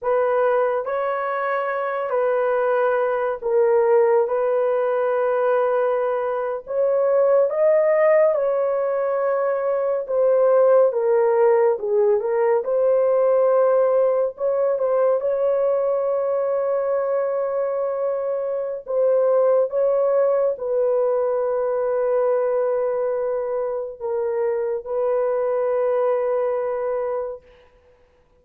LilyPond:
\new Staff \with { instrumentName = "horn" } { \time 4/4 \tempo 4 = 70 b'4 cis''4. b'4. | ais'4 b'2~ b'8. cis''16~ | cis''8. dis''4 cis''2 c''16~ | c''8. ais'4 gis'8 ais'8 c''4~ c''16~ |
c''8. cis''8 c''8 cis''2~ cis''16~ | cis''2 c''4 cis''4 | b'1 | ais'4 b'2. | }